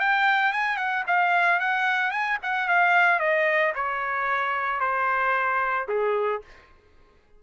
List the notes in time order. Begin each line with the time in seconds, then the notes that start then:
0.00 G5
0.53 G#5
0.77 F#5
1.07 F5
1.60 F#5
2.11 G#5
2.43 F#5
2.69 F5
3.19 D#5
3.75 C#5
4.80 C5
5.88 G#4